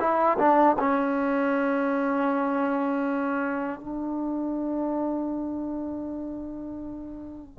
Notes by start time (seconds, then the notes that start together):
0.00 E4
0.39 D4
0.79 C#4
3.80 D4